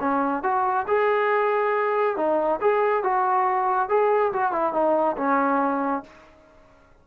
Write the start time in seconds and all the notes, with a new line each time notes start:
0.00 C#4
0.43 F#4
0.88 G#4
2.17 D#4
2.61 G#4
3.04 F#4
3.89 G#4
4.33 F#4
4.52 E4
4.73 D#4
5.17 C#4